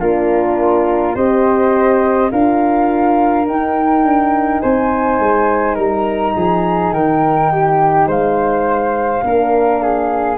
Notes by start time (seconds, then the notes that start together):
0.00 A#3 D4 F4 A#4
1.15 C4 G4 C5 D#5
2.31 D4 F4 A#4 F5
3.46 D#4 G5
4.04 D4
4.61 C4 C5 G#5
5.19 G#3
5.75 G3 A#4 A#5
6.36 F3 G#4
6.92 D#3 A#4 G5
7.53 G4
8.07 G#3 C5 F5
9.24 A#3 D4 A#4
9.83 G#4